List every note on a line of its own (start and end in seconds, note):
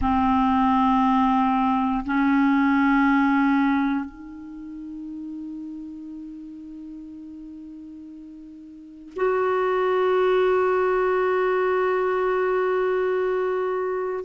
0.00 2.04 C4
2.05 4.05 C#4
4.05 9.13 D#4
9.16 14.24 F#4